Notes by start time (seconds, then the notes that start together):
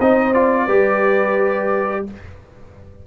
0.00 C4 D#4 C5 D#5
0.34 F4 D5
0.66 G3 G4 B4